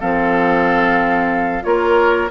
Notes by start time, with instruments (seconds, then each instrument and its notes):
0.00 bassoon F3, clarinet C4, oboe A4, flute F5
1.62 bassoon A#3, clarinet F4, oboe A#4, flute C#5